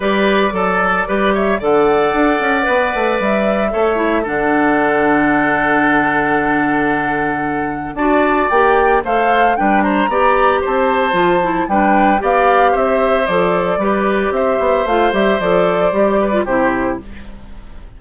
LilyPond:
<<
  \new Staff \with { instrumentName = "flute" } { \time 4/4 \tempo 4 = 113 d''2~ d''8 e''8 fis''4~ | fis''2 e''2 | fis''1~ | fis''2. a''4 |
g''4 f''4 g''8 ais''4. | a''2 g''4 f''4 | e''4 d''2 e''4 | f''8 e''8 d''2 c''4 | }
  \new Staff \with { instrumentName = "oboe" } { \time 4/4 b'4 a'4 b'8 cis''8 d''4~ | d''2. cis''4 | a'1~ | a'2. d''4~ |
d''4 c''4 b'8 c''8 d''4 | c''2 b'4 d''4 | c''2 b'4 c''4~ | c''2~ c''8 b'8 g'4 | }
  \new Staff \with { instrumentName = "clarinet" } { \time 4/4 g'4 a'4 g'4 a'4~ | a'4 b'2 a'8 e'8 | d'1~ | d'2. fis'4 |
g'4 a'4 d'4 g'4~ | g'4 f'8 e'8 d'4 g'4~ | g'4 a'4 g'2 | f'8 g'8 a'4 g'8. f'16 e'4 | }
  \new Staff \with { instrumentName = "bassoon" } { \time 4/4 g4 fis4 g4 d4 | d'8 cis'8 b8 a8 g4 a4 | d1~ | d2. d'4 |
ais4 a4 g4 b4 | c'4 f4 g4 b4 | c'4 f4 g4 c'8 b8 | a8 g8 f4 g4 c4 | }
>>